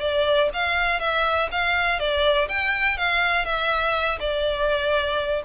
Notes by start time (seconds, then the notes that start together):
0.00 D5
0.53 F5
1.00 E5
1.51 F5
1.99 D5
2.48 G5
2.97 F5
3.45 E5
4.20 D5